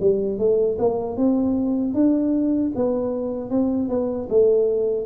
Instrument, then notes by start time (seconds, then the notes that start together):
tuba
0.00 G3
0.39 A3
0.78 A#3
1.17 C4
1.94 D4
2.75 B3
3.50 C4
3.89 B3
4.29 A3